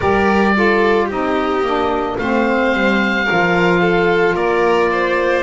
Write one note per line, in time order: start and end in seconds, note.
0.00 1.10 G3
0.00 0.55 G4
0.00 0.53 A#4
0.00 1.08 D5
0.55 1.10 F4
0.55 1.05 A4
1.05 1.61 C4
1.05 1.64 D#4
1.05 2.14 G4
1.05 2.17 D#5
1.61 2.15 A#3
1.61 2.18 D4
2.17 2.73 A3
2.17 3.27 C4
2.17 3.25 C5
2.17 4.35 F5
2.73 3.27 G3
3.25 5.43 F4
3.25 3.79 A#4
3.31 4.35 F3
3.80 4.35 A4
4.35 5.43 A#3
4.35 4.89 A#4
4.35 5.43 D5
4.92 5.43 C5